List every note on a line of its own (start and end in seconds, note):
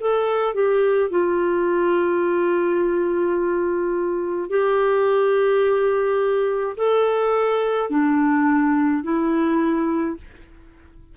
0.00 0.54 A4
0.54 1.10 G4
1.10 4.49 F4
4.49 6.76 G4
6.77 7.90 A4
7.90 9.03 D4
9.03 10.16 E4